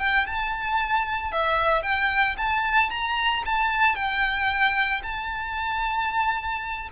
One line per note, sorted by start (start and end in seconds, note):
0.00 0.27 G5
0.27 1.32 A5
1.32 1.83 E5
1.83 2.36 G5
2.38 2.91 A5
2.91 3.44 A#5
3.46 3.96 A5
3.96 5.02 G5
5.03 6.89 A5